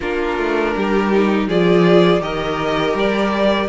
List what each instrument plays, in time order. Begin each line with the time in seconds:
0.00 cello A#3, viola D4, violin F4 A#4
0.38 cello A3
0.76 cello G3, violin G4
1.12 viola D#4
1.47 cello F3, viola F4, violin G#4 D5
2.19 cello D#3, viola G4, violin A#4 D#5
2.93 cello G3, violin D5